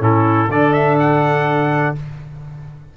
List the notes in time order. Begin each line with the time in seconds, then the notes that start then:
0.00 A2 C#4 E4 A4
0.48 D3 D4 A4 D5
0.73 E5
1.00 F#5